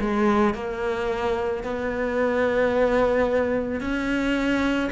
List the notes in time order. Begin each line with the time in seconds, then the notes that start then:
0.00 G#3
0.54 A#3
1.63 B3
3.80 C#4